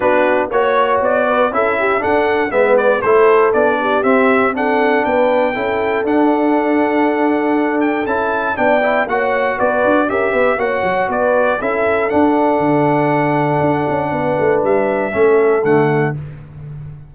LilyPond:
<<
  \new Staff \with { instrumentName = "trumpet" } { \time 4/4 \tempo 4 = 119 b'4 cis''4 d''4 e''4 | fis''4 e''8 d''8 c''4 d''4 | e''4 fis''4 g''2 | fis''2.~ fis''8 g''8 |
a''4 g''4 fis''4 d''4 | e''4 fis''4 d''4 e''4 | fis''1~ | fis''4 e''2 fis''4 | }
  \new Staff \with { instrumentName = "horn" } { \time 4/4 fis'4 cis''4. b'8 a'8 g'8 | a'4 b'4 a'4. g'8~ | g'4 a'4 b'4 a'4~ | a'1~ |
a'4 d''4 cis''4 b'4 | ais'8 b'8 cis''4 b'4 a'4~ | a'1 | b'2 a'2 | }
  \new Staff \with { instrumentName = "trombone" } { \time 4/4 d'4 fis'2 e'4 | d'4 b4 e'4 d'4 | c'4 d'2 e'4 | d'1 |
e'4 d'8 e'8 fis'2 | g'4 fis'2 e'4 | d'1~ | d'2 cis'4 a4 | }
  \new Staff \with { instrumentName = "tuba" } { \time 4/4 b4 ais4 b4 cis'4 | d'4 gis4 a4 b4 | c'2 b4 cis'4 | d'1 |
cis'4 b4 ais4 b8 d'8 | cis'8 b8 ais8 fis8 b4 cis'4 | d'4 d2 d'8 cis'8 | b8 a8 g4 a4 d4 | }
>>